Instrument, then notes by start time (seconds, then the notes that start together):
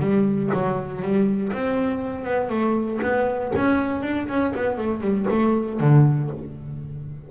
double bass
0.00 G3
0.54 F#3
1.02 G3
1.53 C4
2.25 B3
2.50 A3
3.03 B3
3.56 C#4
4.03 D4
4.28 C#4
4.55 B3
4.78 A3
5.01 G3
5.30 A3
5.80 D3